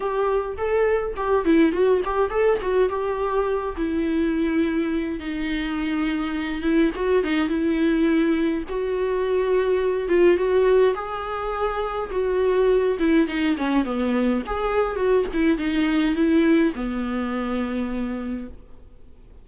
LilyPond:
\new Staff \with { instrumentName = "viola" } { \time 4/4 \tempo 4 = 104 g'4 a'4 g'8 e'8 fis'8 g'8 | a'8 fis'8 g'4. e'4.~ | e'4 dis'2~ dis'8 e'8 | fis'8 dis'8 e'2 fis'4~ |
fis'4. f'8 fis'4 gis'4~ | gis'4 fis'4. e'8 dis'8 cis'8 | b4 gis'4 fis'8 e'8 dis'4 | e'4 b2. | }